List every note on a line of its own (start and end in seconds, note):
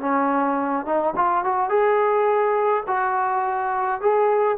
0.00 0.85 C#4
0.85 1.14 D#4
1.16 1.44 F4
1.44 1.69 F#4
1.69 2.83 G#4
2.87 4.01 F#4
4.01 4.57 G#4